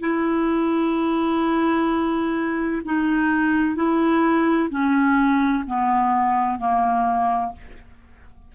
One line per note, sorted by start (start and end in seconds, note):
0.00 2.81 E4
2.85 3.75 D#4
3.75 4.69 E4
4.70 5.64 C#4
5.66 6.58 B3
6.58 7.52 A#3